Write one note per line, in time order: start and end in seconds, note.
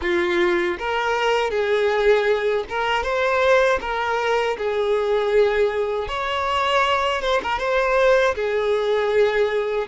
0.01 0.77 F4
0.78 1.50 A#4
1.50 2.64 G#4
2.69 3.03 A#4
3.03 3.79 C5
3.80 4.56 A#4
4.57 6.08 G#4
6.08 7.22 C#5
7.22 7.41 C5
7.43 7.58 A#4
7.58 8.34 C5
8.35 9.87 G#4